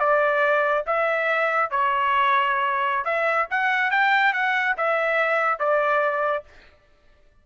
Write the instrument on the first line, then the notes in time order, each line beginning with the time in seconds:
trumpet
0.00 D5
0.87 E5
1.71 C#5
3.05 E5
3.51 F#5
3.91 G5
4.33 F#5
4.77 E5
5.60 D5